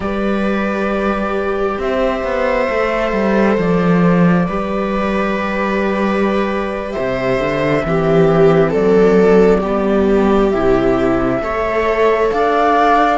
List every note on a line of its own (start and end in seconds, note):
0.00 1.77 G3
0.00 2.68 G4
0.00 1.80 B4
0.00 1.79 D5
1.78 2.22 C4
1.78 4.47 C5
1.78 3.59 E5
2.23 2.68 B3
2.68 3.12 A3
2.68 4.47 A4
3.12 3.57 G3
3.58 4.47 F3
3.58 6.91 D5
4.47 6.95 G3
4.47 7.83 G4
4.47 6.93 B4
6.91 7.83 C5
6.91 8.70 E5
6.98 7.38 C3
7.38 7.83 D3
7.83 8.74 E3
7.83 9.62 C4
7.83 8.69 G4
8.69 9.63 F#3
8.69 9.59 A4
8.69 10.50 D5
9.60 10.52 G3
9.60 10.52 B3
9.60 11.39 G4
10.50 11.41 C3
10.50 11.42 E4
10.50 12.29 E5
11.41 12.31 A3
11.41 13.18 A4
11.41 12.33 C#5
12.30 13.18 D4
12.30 13.18 D5
12.30 13.18 F5